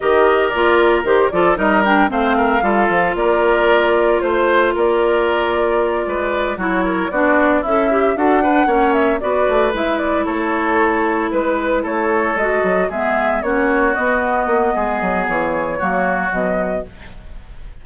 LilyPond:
<<
  \new Staff \with { instrumentName = "flute" } { \time 4/4 \tempo 4 = 114 dis''4 d''4 c''8 d''8 dis''8 g''8 | f''2 d''2 | c''4 d''2.~ | d''8 cis''4 d''4 e''4 fis''8~ |
fis''4 e''8 d''4 e''8 d''8 cis''8~ | cis''4. b'4 cis''4 dis''8~ | dis''8 e''4 cis''4 dis''4.~ | dis''4 cis''2 dis''4 | }
  \new Staff \with { instrumentName = "oboe" } { \time 4/4 ais'2~ ais'8 a'8 ais'4 | c''8 ais'8 a'4 ais'2 | c''4 ais'2~ ais'8 b'8~ | b'8 fis'8 ais'8 fis'4 e'4 a'8 |
b'8 cis''4 b'2 a'8~ | a'4. b'4 a'4.~ | a'8 gis'4 fis'2~ fis'8 | gis'2 fis'2 | }
  \new Staff \with { instrumentName = "clarinet" } { \time 4/4 g'4 f'4 g'8 f'8 dis'8 d'8 | c'4 f'2.~ | f'1~ | f'8 e'4 d'4 a'8 g'8 fis'8 |
d'8 cis'4 fis'4 e'4.~ | e'2.~ e'8 fis'8~ | fis'8 b4 cis'4 b4.~ | b2 ais4 fis4 | }
  \new Staff \with { instrumentName = "bassoon" } { \time 4/4 dis4 ais4 dis8 f8 g4 | a4 g8 f8 ais2 | a4 ais2~ ais8 gis8~ | gis8 fis4 b4 cis'4 d'8~ |
d'8 ais4 b8 a8 gis4 a8~ | a4. gis4 a4 gis8 | fis8 gis4 ais4 b4 ais8 | gis8 fis8 e4 fis4 b,4 | }
>>